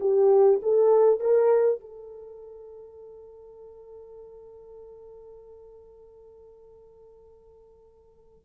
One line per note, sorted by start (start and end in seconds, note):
0.00 0.61 G4
0.63 1.20 A4
1.20 1.80 A#4
1.80 8.45 A4